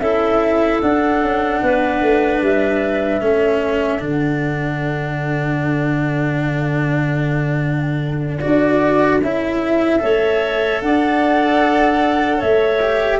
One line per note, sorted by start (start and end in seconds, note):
0.00 0.81 C#4
0.00 0.83 E4
0.00 1.61 A4
0.00 0.80 E5
0.81 1.22 D4
0.81 3.21 D4
0.81 2.41 F#5
1.22 1.62 C#4
1.62 2.02 B3
1.62 3.24 B4
2.02 2.42 A3
2.42 3.21 G3
2.42 4.04 E5
3.21 4.01 A3
3.21 3.99 C#4
3.21 10.03 A4
3.99 8.41 D3
3.99 8.39 D4
3.99 8.40 F#5
8.40 9.21 D4
8.40 9.21 F#4
8.40 9.20 D5
9.21 10.01 C#4
9.21 10.00 E4
9.21 10.81 E5
10.00 10.82 A3
10.00 12.80 A4
10.00 10.83 C#5
10.81 12.42 D4
10.81 12.38 D5
10.81 12.41 F#5
12.38 13.20 A3
12.38 13.18 C#5
12.38 13.20 E5
12.82 13.20 G4